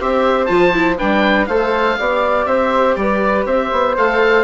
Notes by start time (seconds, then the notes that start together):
0.00 C4 G4 C5 E5
0.46 F3 F4 A5
0.73 E4
0.98 G3 D4 B4 G5
1.47 A3 A4 C5 F5
1.99 B3 G4 D5
2.46 C4 C5 E5
2.96 G3 B4 D5
3.46 C4 C5 E5
3.73 B3
3.97 A3 A4 F5